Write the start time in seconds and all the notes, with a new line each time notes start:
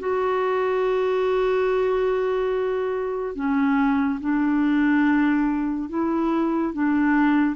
0.00 F#4
3.35 C#4
4.21 D4
5.89 E4
6.74 D4